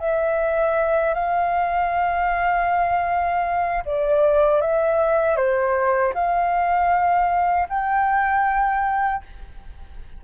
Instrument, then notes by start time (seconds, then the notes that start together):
flute
0.00 E5
1.15 F5
3.86 D5
4.62 E5
5.37 C5
6.15 F5
7.70 G5